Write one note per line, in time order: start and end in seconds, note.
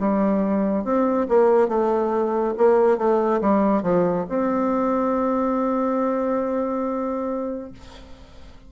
0.00 0.85 G3
0.85 1.27 C4
1.29 1.69 A#3
1.69 2.54 A3
2.58 2.98 A#3
2.98 3.41 A3
3.42 3.83 G3
3.83 4.26 F3
4.29 7.72 C4